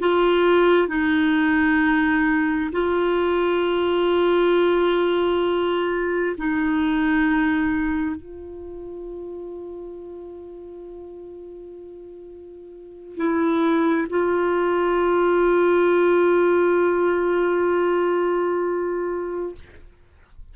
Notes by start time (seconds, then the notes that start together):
0.00 F4
0.88 D#4
2.72 F4
6.38 D#4
8.16 F4
13.17 E4
14.10 F4